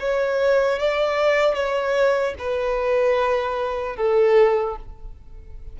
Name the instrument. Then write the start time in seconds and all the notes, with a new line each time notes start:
violin
0.00 C#5
0.79 D5
1.55 C#5
2.39 B4
3.96 A4